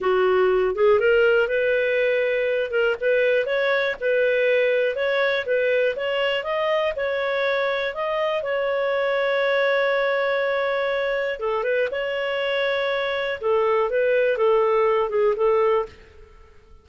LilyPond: \new Staff \with { instrumentName = "clarinet" } { \time 4/4 \tempo 4 = 121 fis'4. gis'8 ais'4 b'4~ | b'4. ais'8 b'4 cis''4 | b'2 cis''4 b'4 | cis''4 dis''4 cis''2 |
dis''4 cis''2.~ | cis''2. a'8 b'8 | cis''2. a'4 | b'4 a'4. gis'8 a'4 | }